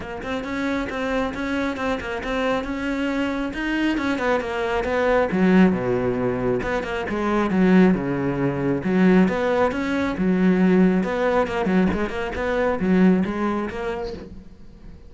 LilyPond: \new Staff \with { instrumentName = "cello" } { \time 4/4 \tempo 4 = 136 ais8 c'8 cis'4 c'4 cis'4 | c'8 ais8 c'4 cis'2 | dis'4 cis'8 b8 ais4 b4 | fis4 b,2 b8 ais8 |
gis4 fis4 cis2 | fis4 b4 cis'4 fis4~ | fis4 b4 ais8 fis8 gis8 ais8 | b4 fis4 gis4 ais4 | }